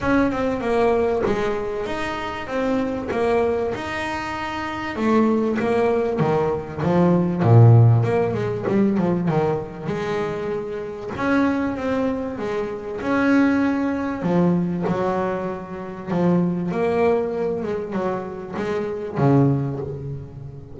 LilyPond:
\new Staff \with { instrumentName = "double bass" } { \time 4/4 \tempo 4 = 97 cis'8 c'8 ais4 gis4 dis'4 | c'4 ais4 dis'2 | a4 ais4 dis4 f4 | ais,4 ais8 gis8 g8 f8 dis4 |
gis2 cis'4 c'4 | gis4 cis'2 f4 | fis2 f4 ais4~ | ais8 gis8 fis4 gis4 cis4 | }